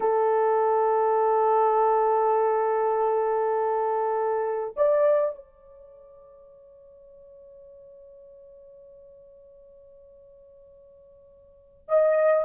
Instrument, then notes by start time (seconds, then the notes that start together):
horn
0.00 A4
4.76 D5
5.35 C#5
11.88 D#5